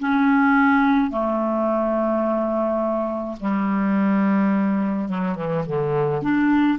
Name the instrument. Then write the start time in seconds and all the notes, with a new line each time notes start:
clarinet
0.00 C#4
1.11 A3
3.41 G3
5.09 F#3
5.36 E3
5.67 D3
6.22 D4